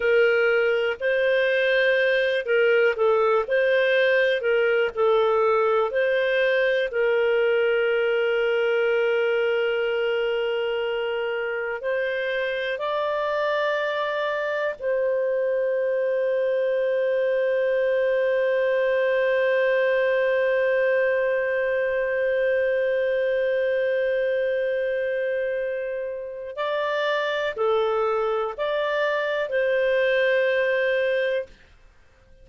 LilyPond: \new Staff \with { instrumentName = "clarinet" } { \time 4/4 \tempo 4 = 61 ais'4 c''4. ais'8 a'8 c''8~ | c''8 ais'8 a'4 c''4 ais'4~ | ais'1 | c''4 d''2 c''4~ |
c''1~ | c''1~ | c''2. d''4 | a'4 d''4 c''2 | }